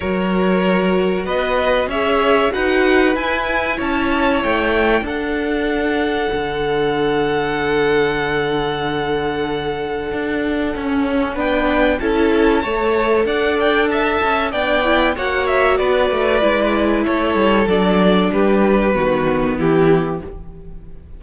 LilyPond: <<
  \new Staff \with { instrumentName = "violin" } { \time 4/4 \tempo 4 = 95 cis''2 dis''4 e''4 | fis''4 gis''4 a''4 g''4 | fis''1~ | fis''1~ |
fis''2 g''4 a''4~ | a''4 fis''8 g''8 a''4 g''4 | fis''8 e''8 d''2 cis''4 | d''4 b'2 g'4 | }
  \new Staff \with { instrumentName = "violin" } { \time 4/4 ais'2 b'4 cis''4 | b'2 cis''2 | a'1~ | a'1~ |
a'2 b'4 a'4 | cis''4 d''4 e''4 d''4 | cis''4 b'2 a'4~ | a'4 g'4 fis'4 e'4 | }
  \new Staff \with { instrumentName = "viola" } { \time 4/4 fis'2. gis'4 | fis'4 e'2. | d'1~ | d'1~ |
d'4 cis'4 d'4 e'4 | a'2. d'8 e'8 | fis'2 e'2 | d'2 b2 | }
  \new Staff \with { instrumentName = "cello" } { \time 4/4 fis2 b4 cis'4 | dis'4 e'4 cis'4 a4 | d'2 d2~ | d1 |
d'4 cis'4 b4 cis'4 | a4 d'4. cis'8 b4 | ais4 b8 a8 gis4 a8 g8 | fis4 g4 dis4 e4 | }
>>